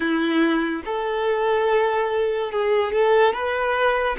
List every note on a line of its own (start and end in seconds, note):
0.00 0.82 E4
0.85 2.51 A4
2.51 2.92 G#4
2.92 3.33 A4
3.33 4.16 B4